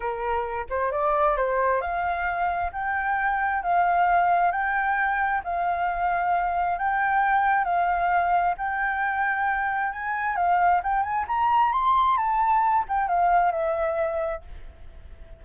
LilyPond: \new Staff \with { instrumentName = "flute" } { \time 4/4 \tempo 4 = 133 ais'4. c''8 d''4 c''4 | f''2 g''2 | f''2 g''2 | f''2. g''4~ |
g''4 f''2 g''4~ | g''2 gis''4 f''4 | g''8 gis''8 ais''4 c'''4 a''4~ | a''8 g''8 f''4 e''2 | }